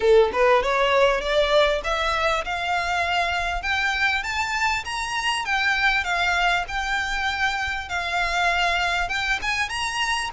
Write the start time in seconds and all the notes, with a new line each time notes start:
0.00 A4
0.33 B4
0.62 C#5
1.21 D5
1.83 E5
2.44 F5
3.62 G5
4.23 A5
4.85 A#5
5.45 G5
6.04 F5
6.67 G5
7.88 F5
9.09 G5
9.42 G#5
9.69 A#5